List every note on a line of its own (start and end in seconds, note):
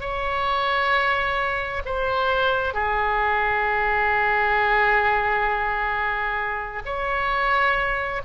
0.00 1.82 C#5
1.85 2.73 C5
2.73 6.82 G#4
6.85 8.21 C#5